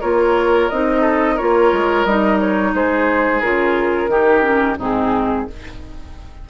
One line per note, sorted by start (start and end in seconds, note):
0.00 0.71 A#3
0.00 0.70 F4
0.00 1.01 A#4
0.00 0.69 C#5
0.69 1.40 C4
0.69 1.38 D#4
0.69 1.37 D#5
1.01 1.35 A4
1.35 2.07 F4
1.35 2.71 A#4
1.35 2.04 C#5
1.41 1.72 A#3
1.72 2.05 G#3
2.04 2.73 G3
2.04 3.43 D#4
2.04 2.38 D#5
2.40 2.74 C#5
2.74 3.42 G#3
2.74 4.11 G#4
2.74 3.41 C5
3.41 4.08 C#3
3.41 4.09 F4
3.41 4.77 A#4
4.08 4.76 D#3
4.08 4.41 D#4
4.08 4.78 G4
4.41 4.75 C#4
4.78 5.46 G#2
4.78 5.48 C4
4.78 5.46 D#4
4.78 5.49 G#4